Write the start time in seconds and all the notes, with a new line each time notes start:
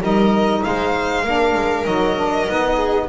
0.00 G3 D#4 A#4 D#5
0.64 G#3 C5 F5
1.23 A#3 D4 A#4
1.54 G#3
1.84 F#3 D#4 D#5
2.15 D4
2.47 B3 D#4
2.73 G#4